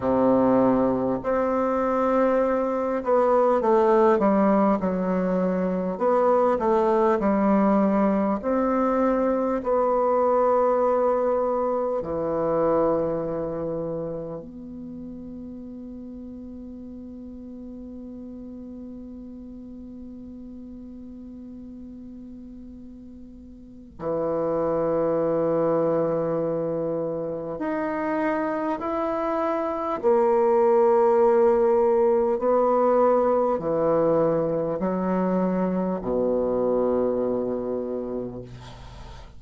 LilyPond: \new Staff \with { instrumentName = "bassoon" } { \time 4/4 \tempo 4 = 50 c4 c'4. b8 a8 g8 | fis4 b8 a8 g4 c'4 | b2 e2 | b1~ |
b1 | e2. dis'4 | e'4 ais2 b4 | e4 fis4 b,2 | }